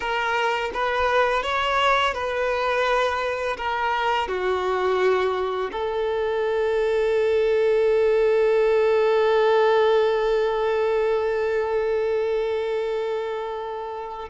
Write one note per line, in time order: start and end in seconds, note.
0.00 0.71 A#4
0.73 1.42 B4
1.42 2.14 C#5
2.14 3.56 B4
3.57 4.28 A#4
4.28 5.70 F#4
5.72 14.29 A4